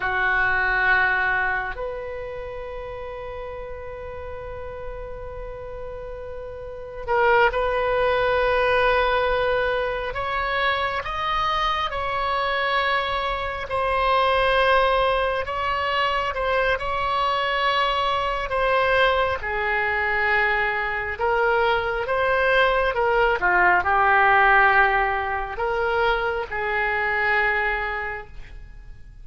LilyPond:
\new Staff \with { instrumentName = "oboe" } { \time 4/4 \tempo 4 = 68 fis'2 b'2~ | b'1 | ais'8 b'2. cis''8~ | cis''8 dis''4 cis''2 c''8~ |
c''4. cis''4 c''8 cis''4~ | cis''4 c''4 gis'2 | ais'4 c''4 ais'8 f'8 g'4~ | g'4 ais'4 gis'2 | }